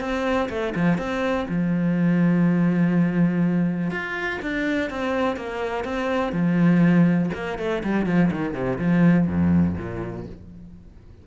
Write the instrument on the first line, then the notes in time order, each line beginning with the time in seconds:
cello
0.00 C4
0.49 A3
0.75 F3
0.98 C4
1.48 F3
3.91 F4
4.42 D4
4.90 C4
5.36 A#3
5.84 C4
6.32 F3
7.34 A#3
7.58 A3
7.84 G3
8.06 F3
8.31 D#3
8.54 C3
8.78 F3
9.27 F2
9.78 A#2